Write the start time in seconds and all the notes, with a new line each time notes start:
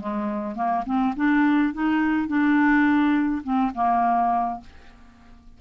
0.00 G#3
0.55 A#3
0.85 C4
1.16 D4
1.73 D#4
2.28 D4
3.43 C4
3.75 A#3